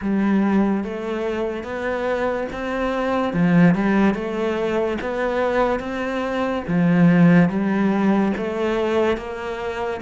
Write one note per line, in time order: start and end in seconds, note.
0.01 0.83 G3
0.83 1.63 A3
1.63 2.47 B3
2.52 3.33 C4
3.33 3.74 F3
3.75 4.14 G3
4.14 4.97 A3
5.01 5.79 B3
5.79 6.62 C4
6.67 7.48 F3
7.48 8.32 G3
8.37 9.17 A3
9.17 10.00 A#3